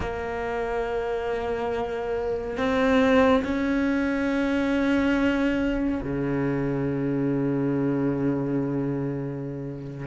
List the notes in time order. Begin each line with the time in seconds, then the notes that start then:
0.00 A#3
2.57 C4
3.44 C#4
6.02 C#3